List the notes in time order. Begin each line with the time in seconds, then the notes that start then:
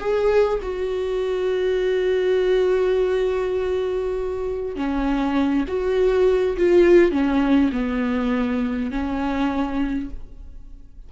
0.00 G#4
0.62 F#4
4.76 C#4
5.68 F#4
6.57 F4
7.12 C#4
7.72 B3
8.91 C#4